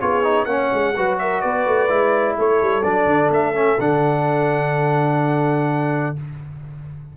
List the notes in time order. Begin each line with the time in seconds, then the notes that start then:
0.00 B3 F4 G#4 C#5
0.23 D#4
0.45 A#3 C#4 C#5 F#5
0.73 G#3
0.96 F#3 F#4 B4
1.19 A#4 E5
1.41 B3 B4 D5
1.67 A3
1.89 G#3 E4
2.38 A3 A4 C#5
2.62 G3
2.83 F#3 D4 D5
3.06 D3
3.31 A3 E5
3.55 C#4
3.79 D3 D4 F#5